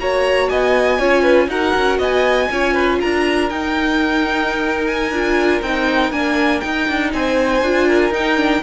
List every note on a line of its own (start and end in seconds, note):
0.00 0.50 A#3
0.00 1.00 F#4
0.00 0.51 C#5
0.00 0.49 A#5
0.49 1.00 B3
0.49 0.99 D#5
0.49 1.49 G#5
0.99 1.48 C#4
0.99 1.49 F4
0.99 1.23 C#5
1.23 1.48 B4
1.48 1.73 D#4
1.48 2.49 F#4
1.48 1.99 A#4
1.48 2.00 F#5
1.76 1.99 C#4
1.99 2.49 B3
1.99 2.49 D#5
1.99 3.01 G#5
2.51 3.02 C#4
2.51 3.51 F4
2.51 2.74 C#5
2.74 2.99 B4
3.00 3.51 D4
3.00 7.13 A#4
3.00 3.50 A#5
3.50 5.11 D#4
3.50 5.14 D#4
3.50 4.87 G5
4.87 5.62 G#5
5.11 5.61 D4
5.11 5.64 F4
5.62 6.12 C4
5.62 6.12 D#4
5.62 6.12 G5
6.12 6.62 A#3
6.12 6.62 D4
6.12 6.61 G#5
6.61 7.63 D#4
6.61 6.89 D#4
6.61 7.11 G5
6.89 7.14 D4
7.14 7.62 C4
7.14 7.88 C5
7.14 8.14 G#5
7.62 8.11 D4
7.62 8.13 F4
7.88 8.63 A#4
8.11 8.61 D#4
8.11 8.38 D#4
8.11 8.63 G5
8.38 8.62 D4